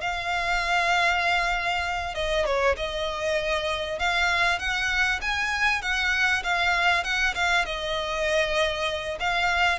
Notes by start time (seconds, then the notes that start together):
0.00 F5
2.14 D#5
2.45 C#5
2.76 D#5
3.99 F5
4.58 F#5
5.21 G#5
5.82 F#5
6.43 F5
7.03 F#5
7.34 F5
7.65 D#5
9.19 F5